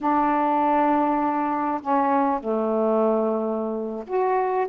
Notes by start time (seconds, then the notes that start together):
0.00 D4
1.82 C#4
2.39 A3
4.07 F#4